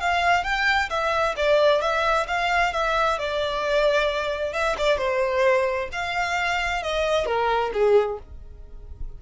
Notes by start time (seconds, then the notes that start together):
0.00 F5
0.44 G5
0.90 E5
1.37 D5
1.81 E5
2.27 F5
2.73 E5
3.19 D5
4.53 E5
4.78 D5
4.98 C5
5.92 F5
6.82 D#5
7.26 A#4
7.73 G#4